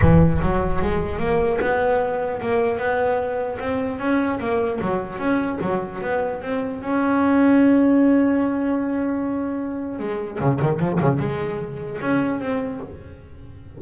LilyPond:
\new Staff \with { instrumentName = "double bass" } { \time 4/4 \tempo 4 = 150 e4 fis4 gis4 ais4 | b2 ais4 b4~ | b4 c'4 cis'4 ais4 | fis4 cis'4 fis4 b4 |
c'4 cis'2.~ | cis'1~ | cis'4 gis4 cis8 dis8 f8 cis8 | gis2 cis'4 c'4 | }